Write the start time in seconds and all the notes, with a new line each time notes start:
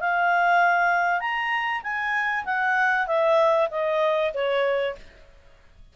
0.00 F5
1.20 A#5
1.83 G#5
2.45 F#5
3.07 E5
3.71 D#5
4.34 C#5